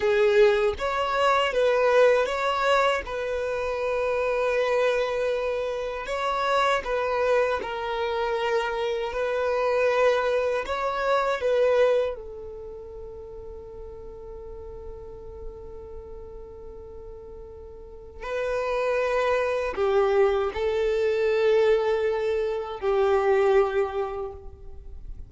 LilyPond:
\new Staff \with { instrumentName = "violin" } { \time 4/4 \tempo 4 = 79 gis'4 cis''4 b'4 cis''4 | b'1 | cis''4 b'4 ais'2 | b'2 cis''4 b'4 |
a'1~ | a'1 | b'2 g'4 a'4~ | a'2 g'2 | }